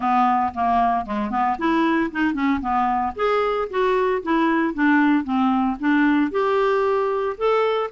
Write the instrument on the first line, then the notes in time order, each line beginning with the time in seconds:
clarinet
0.00 B3
0.54 A#3
1.05 G#3
1.30 B3
1.58 E4
2.11 D#4
2.33 C#4
2.60 B3
3.15 G#4
3.70 F#4
4.22 E4
4.74 D4
5.24 C4
5.79 D4
6.31 G4
7.37 A4